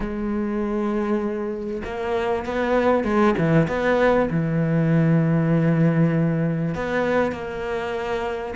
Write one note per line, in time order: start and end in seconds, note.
0.00 1.82 G#3
1.84 2.45 A#3
2.45 3.04 B3
3.04 3.34 G#3
3.38 3.67 E3
3.67 4.29 B3
4.30 6.75 E3
6.75 7.32 B3
7.32 8.54 A#3